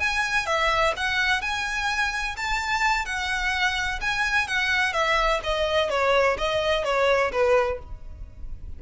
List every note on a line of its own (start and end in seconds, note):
0.00 0.47 G#5
0.47 0.94 E5
0.97 1.42 F#5
1.42 2.36 G#5
2.37 3.06 A5
3.06 4.00 F#5
4.01 4.48 G#5
4.48 4.93 F#5
4.93 5.41 E5
5.44 5.90 D#5
5.90 6.37 C#5
6.38 6.85 D#5
6.85 7.32 C#5
7.32 7.80 B4